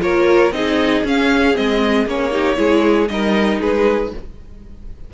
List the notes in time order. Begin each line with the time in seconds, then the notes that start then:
0.00 A#3 F4 A#4 C#5
0.51 C4 D#4 G#4 D#5
1.04 C#4 F5
1.55 G#3 C4 D#5
2.06 A#3 C#4 C#5
2.31 D#4 G4
2.56 G#3 E4 G#4
3.08 G3 D#4 A#4 D#5
3.60 G#3 G#4 B4